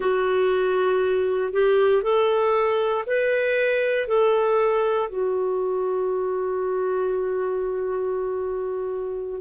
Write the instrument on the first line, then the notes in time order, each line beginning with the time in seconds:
clarinet
0.00 F#4
1.53 G4
2.02 A4
3.06 B4
4.07 A4
5.08 F#4